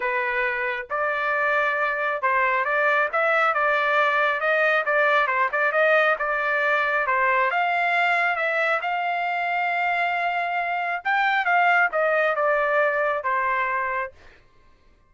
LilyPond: \new Staff \with { instrumentName = "trumpet" } { \time 4/4 \tempo 4 = 136 b'2 d''2~ | d''4 c''4 d''4 e''4 | d''2 dis''4 d''4 | c''8 d''8 dis''4 d''2 |
c''4 f''2 e''4 | f''1~ | f''4 g''4 f''4 dis''4 | d''2 c''2 | }